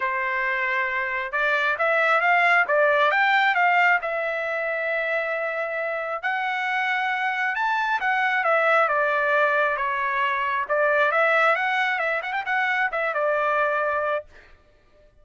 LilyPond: \new Staff \with { instrumentName = "trumpet" } { \time 4/4 \tempo 4 = 135 c''2. d''4 | e''4 f''4 d''4 g''4 | f''4 e''2.~ | e''2 fis''2~ |
fis''4 a''4 fis''4 e''4 | d''2 cis''2 | d''4 e''4 fis''4 e''8 fis''16 g''16 | fis''4 e''8 d''2~ d''8 | }